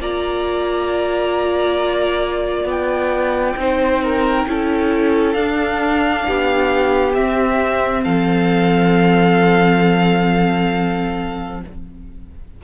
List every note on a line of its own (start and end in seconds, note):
0.00 2.65 A#3
0.00 3.58 F4
0.00 3.60 D5
0.00 2.70 A#5
2.65 3.54 B3
2.65 5.33 G5
3.57 4.46 C4
3.57 4.48 D#4
3.57 4.04 C5
4.04 4.49 A#4
4.48 5.35 C#4
4.48 5.36 E4
4.48 6.26 A4
5.33 6.24 D4
5.33 7.15 D4
5.33 7.12 F5
6.26 7.17 B3
6.26 8.03 G4
7.14 11.62 C4
7.14 8.05 C4
7.14 8.04 E5
8.03 11.64 F3
8.03 11.61 A4
8.03 11.62 F5